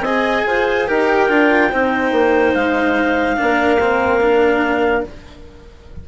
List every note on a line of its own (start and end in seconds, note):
0.00 0.42 C4
0.00 0.87 G#4
0.00 0.44 D#5
0.00 0.87 G#5
0.46 0.88 F4
0.46 0.87 C5
0.87 1.29 D#4
0.87 1.29 G4
0.87 1.69 A#4
0.87 2.53 G5
1.29 1.70 D4
1.29 1.70 F4
1.69 2.12 C4
1.69 3.36 D#4
1.69 3.36 C5
2.12 2.53 A#3
2.54 3.37 G#3
2.54 5.04 F5
3.36 5.08 A#3
3.36 3.78 D4
3.36 5.06 A#4
3.80 4.20 C4
4.20 5.04 D4